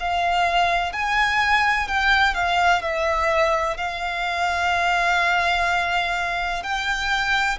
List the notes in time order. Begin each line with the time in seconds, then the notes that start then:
0.00 F5
0.93 G#5
1.88 G5
2.34 F5
2.82 E5
3.77 F5
6.63 G5